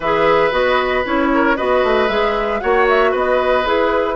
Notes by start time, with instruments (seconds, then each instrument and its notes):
0.00 bassoon E3, clarinet G#4, oboe B4, flute E5
0.51 bassoon B3, clarinet F#4, flute D#5
1.04 bassoon C#4, clarinet E4, flute C#5
1.34 oboe A#4
1.56 bassoon B3, clarinet F#4, oboe B4, flute D#5
1.83 bassoon A3
2.08 bassoon G#3, clarinet G#4, flute E5
2.60 bassoon A#3, clarinet F#4, oboe C#5, flute F#5
2.88 flute E5
3.11 bassoon B3, oboe B4, flute D#5
3.64 bassoon E4, clarinet G#4, flute B4